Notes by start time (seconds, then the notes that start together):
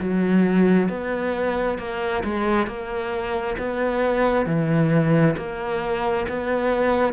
0.00 F#3
0.89 B3
1.79 A#3
2.24 G#3
2.67 A#3
3.58 B3
4.47 E3
5.37 A#3
6.29 B3